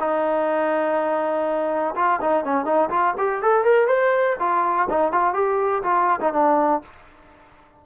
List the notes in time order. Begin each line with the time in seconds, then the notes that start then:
0.00 D#4
1.96 F4
2.21 D#4
2.45 C#4
2.65 D#4
2.90 F4
3.18 G4
3.43 A4
3.65 A#4
3.88 C5
4.40 F4
4.90 D#4
5.12 F4
5.34 G4
5.84 F4
6.21 D#4
6.33 D4